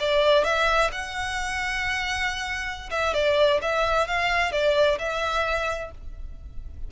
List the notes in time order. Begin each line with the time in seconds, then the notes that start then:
0.00 D5
0.44 E5
0.92 F#5
2.91 E5
3.14 D5
3.62 E5
4.07 F5
4.52 D5
4.99 E5